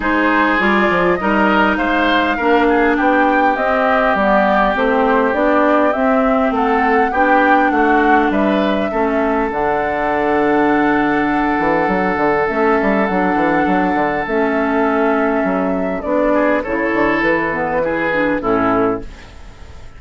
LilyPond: <<
  \new Staff \with { instrumentName = "flute" } { \time 4/4 \tempo 4 = 101 c''4 d''4 dis''4 f''4~ | f''4 g''4 dis''4 d''4 | c''4 d''4 e''4 fis''4 | g''4 fis''4 e''2 |
fis''1~ | fis''4 e''4 fis''2 | e''2. d''4 | cis''4 b'2 a'4 | }
  \new Staff \with { instrumentName = "oboe" } { \time 4/4 gis'2 ais'4 c''4 | ais'8 gis'8 g'2.~ | g'2. a'4 | g'4 fis'4 b'4 a'4~ |
a'1~ | a'1~ | a'2.~ a'8 gis'8 | a'2 gis'4 e'4 | }
  \new Staff \with { instrumentName = "clarinet" } { \time 4/4 dis'4 f'4 dis'2 | d'2 c'4 b4 | c'4 d'4 c'2 | d'2. cis'4 |
d'1~ | d'4 cis'4 d'2 | cis'2. d'4 | e'4. b8 e'8 d'8 cis'4 | }
  \new Staff \with { instrumentName = "bassoon" } { \time 4/4 gis4 g8 f8 g4 gis4 | ais4 b4 c'4 g4 | a4 b4 c'4 a4 | b4 a4 g4 a4 |
d2.~ d8 e8 | fis8 d8 a8 g8 fis8 e8 fis8 d8 | a2 fis4 b4 | cis8 d8 e2 a,4 | }
>>